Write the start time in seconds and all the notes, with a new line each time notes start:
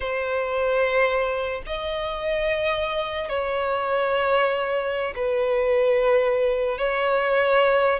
0.00 C5
1.66 D#5
3.29 C#5
5.15 B4
6.78 C#5